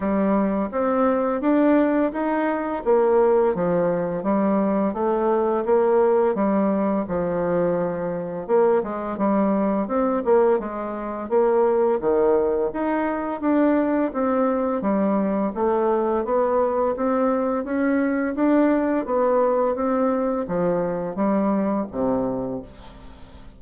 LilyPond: \new Staff \with { instrumentName = "bassoon" } { \time 4/4 \tempo 4 = 85 g4 c'4 d'4 dis'4 | ais4 f4 g4 a4 | ais4 g4 f2 | ais8 gis8 g4 c'8 ais8 gis4 |
ais4 dis4 dis'4 d'4 | c'4 g4 a4 b4 | c'4 cis'4 d'4 b4 | c'4 f4 g4 c4 | }